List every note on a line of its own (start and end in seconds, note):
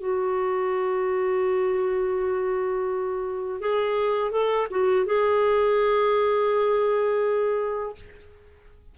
0.00 3.60 F#4
3.60 4.31 G#4
4.31 4.67 A4
4.70 5.06 F#4
5.06 7.95 G#4